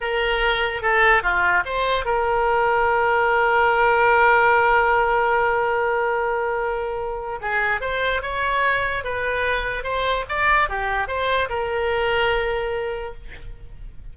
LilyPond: \new Staff \with { instrumentName = "oboe" } { \time 4/4 \tempo 4 = 146 ais'2 a'4 f'4 | c''4 ais'2.~ | ais'1~ | ais'1~ |
ais'2 gis'4 c''4 | cis''2 b'2 | c''4 d''4 g'4 c''4 | ais'1 | }